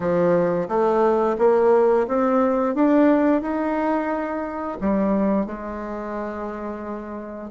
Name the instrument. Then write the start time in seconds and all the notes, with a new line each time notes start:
bassoon
0.00 F3
0.68 A3
1.38 A#3
2.07 C4
2.75 D4
3.41 D#4
4.81 G3
5.45 G#3